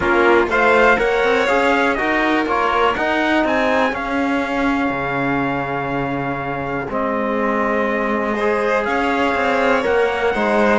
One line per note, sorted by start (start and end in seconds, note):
0.00 0.47 A#3
0.00 0.47 C#4
0.00 0.49 F4
0.00 0.47 A#4
0.47 0.96 A3
0.47 0.96 F4
0.47 0.98 C5
0.47 0.98 F5
0.96 1.23 A#3
0.96 1.45 A#4
0.96 1.97 C#5
0.96 1.46 F#5
1.23 1.48 C4
1.46 1.98 C#4
1.46 1.97 G#4
1.46 1.94 F5
1.94 2.46 D#4
1.94 2.46 F#4
1.94 3.45 A#4
1.94 2.43 D#5
2.46 2.95 A#3
2.46 2.95 F4
2.46 2.95 C#5
2.95 3.44 D#4
2.95 3.90 D#4
2.95 3.44 F#5
3.44 3.92 C4
3.44 8.35 G#4
3.44 3.94 G#5
3.90 6.86 C#4
3.90 4.90 C#4
3.90 6.90 F5
4.90 6.86 C#3
6.89 8.86 G#3
6.89 8.37 C4
6.89 8.84 D#5
8.35 9.82 G#4
8.35 8.84 C5
8.84 9.34 C#4
8.84 10.33 C#5
8.84 9.83 F5
9.34 9.84 C4
9.82 10.34 A#3
9.82 10.31 A#4
9.82 10.78 F#5
10.33 10.78 G#3
10.33 10.78 D#4
10.33 10.78 C5